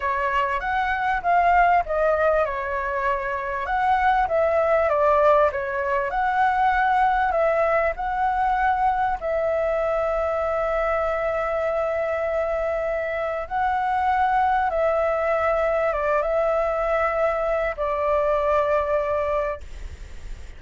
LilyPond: \new Staff \with { instrumentName = "flute" } { \time 4/4 \tempo 4 = 98 cis''4 fis''4 f''4 dis''4 | cis''2 fis''4 e''4 | d''4 cis''4 fis''2 | e''4 fis''2 e''4~ |
e''1~ | e''2 fis''2 | e''2 d''8 e''4.~ | e''4 d''2. | }